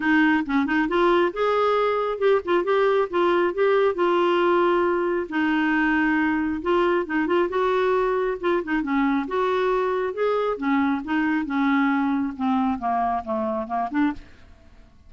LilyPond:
\new Staff \with { instrumentName = "clarinet" } { \time 4/4 \tempo 4 = 136 dis'4 cis'8 dis'8 f'4 gis'4~ | gis'4 g'8 f'8 g'4 f'4 | g'4 f'2. | dis'2. f'4 |
dis'8 f'8 fis'2 f'8 dis'8 | cis'4 fis'2 gis'4 | cis'4 dis'4 cis'2 | c'4 ais4 a4 ais8 d'8 | }